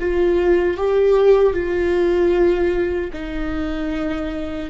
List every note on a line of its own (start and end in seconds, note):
0.00 0.78 F4
0.78 1.54 G4
1.54 3.11 F4
3.14 4.71 D#4